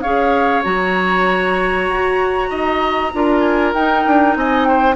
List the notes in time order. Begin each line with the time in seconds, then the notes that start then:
0.00 C#4 G#4 C#5 F5
0.63 F#3 F#4 A#5
1.89 F#4
2.49 D#4 D#5
3.13 D4 F4 A#4
3.39 G#5
3.73 D#4 G5
4.06 D4
4.35 C4 D#5 G#5
4.64 C5 G5